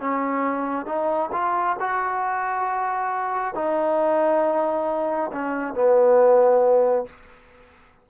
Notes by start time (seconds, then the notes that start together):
0.00 C#4
0.85 D#4
1.32 F4
1.80 F#4
3.54 D#4
5.32 C#4
5.74 B3